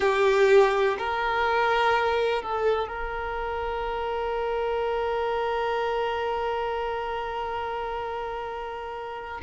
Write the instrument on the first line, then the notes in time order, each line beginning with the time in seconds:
violin
0.00 G4
0.98 A#4
2.42 A4
2.88 A#4